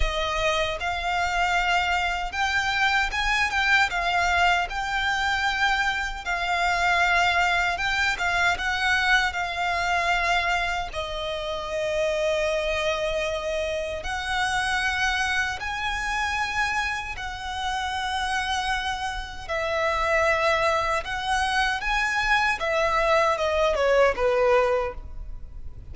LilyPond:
\new Staff \with { instrumentName = "violin" } { \time 4/4 \tempo 4 = 77 dis''4 f''2 g''4 | gis''8 g''8 f''4 g''2 | f''2 g''8 f''8 fis''4 | f''2 dis''2~ |
dis''2 fis''2 | gis''2 fis''2~ | fis''4 e''2 fis''4 | gis''4 e''4 dis''8 cis''8 b'4 | }